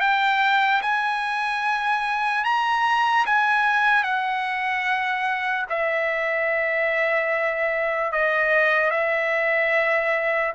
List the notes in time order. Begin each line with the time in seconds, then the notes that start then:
0.00 G5
0.81 G#5
2.44 A#5
3.25 G#5
4.03 F#5
5.69 E5
8.12 D#5
8.90 E5